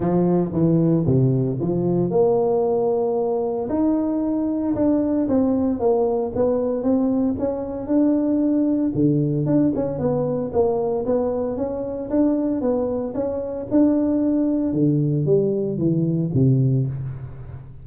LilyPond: \new Staff \with { instrumentName = "tuba" } { \time 4/4 \tempo 4 = 114 f4 e4 c4 f4 | ais2. dis'4~ | dis'4 d'4 c'4 ais4 | b4 c'4 cis'4 d'4~ |
d'4 d4 d'8 cis'8 b4 | ais4 b4 cis'4 d'4 | b4 cis'4 d'2 | d4 g4 e4 c4 | }